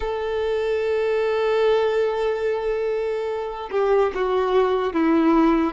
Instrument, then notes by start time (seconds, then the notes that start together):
violin
0.00 A4
3.71 G4
4.14 F#4
4.93 E4